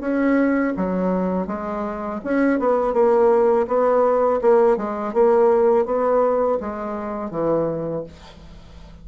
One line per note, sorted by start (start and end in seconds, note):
0.00 0.73 C#4
0.76 1.47 F#3
1.47 2.20 G#3
2.24 2.59 C#4
2.59 2.93 B3
2.93 3.66 A#3
3.67 4.40 B3
4.41 4.77 A#3
4.77 5.13 G#3
5.13 5.85 A#3
5.85 6.59 B3
6.60 7.30 G#3
7.30 8.03 E3